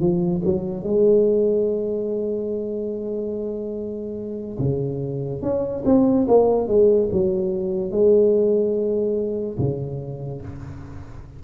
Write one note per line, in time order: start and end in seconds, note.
0.00 0.42 F3
0.44 0.83 F#3
0.83 4.58 G#3
4.59 5.42 C#3
5.42 5.84 C#4
5.85 6.27 C4
6.28 6.68 A#3
6.68 7.09 G#3
7.12 7.91 F#3
7.91 9.58 G#3
9.58 10.42 C#3